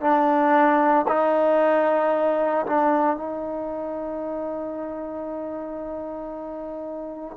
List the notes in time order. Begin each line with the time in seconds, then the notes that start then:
0.00 D4
1.07 D#4
2.66 D4
3.16 D#4